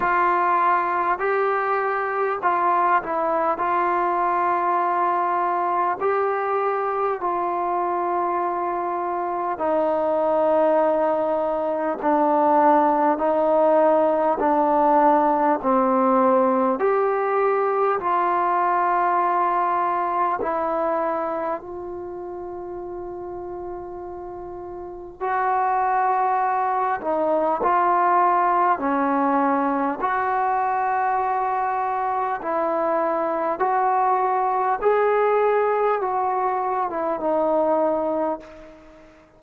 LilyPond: \new Staff \with { instrumentName = "trombone" } { \time 4/4 \tempo 4 = 50 f'4 g'4 f'8 e'8 f'4~ | f'4 g'4 f'2 | dis'2 d'4 dis'4 | d'4 c'4 g'4 f'4~ |
f'4 e'4 f'2~ | f'4 fis'4. dis'8 f'4 | cis'4 fis'2 e'4 | fis'4 gis'4 fis'8. e'16 dis'4 | }